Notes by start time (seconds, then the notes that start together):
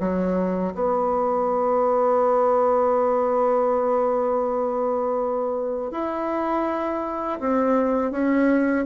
0.00 F#3
0.74 B3
5.91 E4
7.40 C4
8.11 C#4